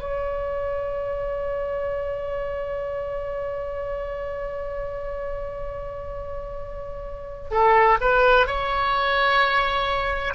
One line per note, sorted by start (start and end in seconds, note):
0.00 7.50 C#5
7.51 7.98 A4
8.01 8.47 B4
8.47 10.35 C#5